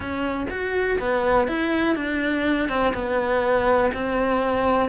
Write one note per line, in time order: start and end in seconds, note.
0.00 0.46 C#4
0.50 0.98 F#4
0.99 1.47 B3
1.47 1.95 E4
1.95 2.68 D4
2.69 2.93 C4
2.94 3.91 B3
3.93 4.89 C4